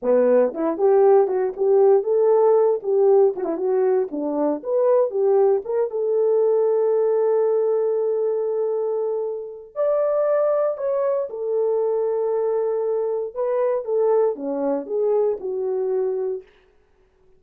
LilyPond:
\new Staff \with { instrumentName = "horn" } { \time 4/4 \tempo 4 = 117 b4 e'8 g'4 fis'8 g'4 | a'4. g'4 fis'16 e'16 fis'4 | d'4 b'4 g'4 ais'8 a'8~ | a'1~ |
a'2. d''4~ | d''4 cis''4 a'2~ | a'2 b'4 a'4 | cis'4 gis'4 fis'2 | }